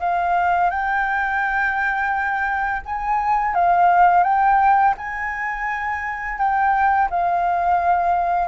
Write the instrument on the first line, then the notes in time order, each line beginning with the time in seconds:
flute
0.00 F5
0.70 G5
2.86 G#5
3.55 F5
4.24 G5
4.98 G#5
6.38 G5
7.10 F5